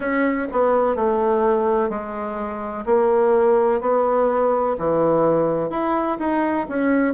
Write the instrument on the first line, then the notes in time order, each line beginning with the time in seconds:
bassoon
0.00 C#4
0.52 B3
0.95 A3
1.89 G#3
2.85 A#3
3.81 B3
4.78 E3
5.70 E4
6.19 D#4
6.68 C#4